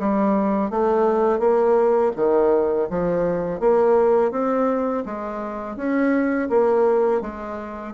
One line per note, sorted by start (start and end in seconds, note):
0.00 0.71 G3
0.71 1.40 A3
1.40 2.12 A#3
2.17 2.89 D#3
2.90 3.60 F3
3.60 4.31 A#3
4.31 5.04 C4
5.06 5.77 G#3
5.77 6.49 C#4
6.50 7.22 A#3
7.22 7.94 G#3